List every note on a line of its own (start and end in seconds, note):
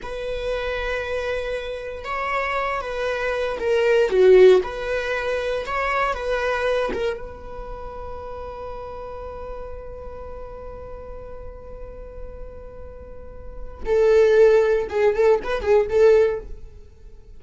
0.02 2.04 B4
2.04 2.81 C#5
2.81 3.58 B4
3.59 4.09 A#4
4.09 4.61 F#4
4.63 5.65 B4
5.66 6.13 C#5
6.13 6.90 B4
6.93 7.17 A#4
7.17 13.83 B4
13.85 14.87 A4
14.89 15.14 G#4
15.14 15.40 A4
15.43 15.61 B4
15.61 15.87 G#4
15.89 16.40 A4